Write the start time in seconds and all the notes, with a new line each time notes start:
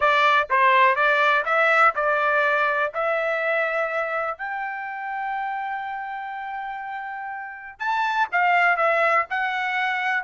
0.00 D5
0.50 C5
0.95 D5
1.45 E5
1.95 D5
2.94 E5
4.37 G5
7.79 A5
8.32 F5
8.76 E5
9.30 F#5